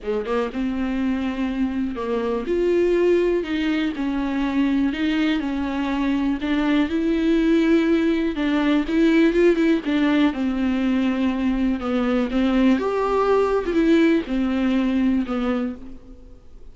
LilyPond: \new Staff \with { instrumentName = "viola" } { \time 4/4 \tempo 4 = 122 gis8 ais8 c'2. | ais4 f'2 dis'4 | cis'2 dis'4 cis'4~ | cis'4 d'4 e'2~ |
e'4 d'4 e'4 f'8 e'8 | d'4 c'2. | b4 c'4 g'4.~ g'16 f'16 | e'4 c'2 b4 | }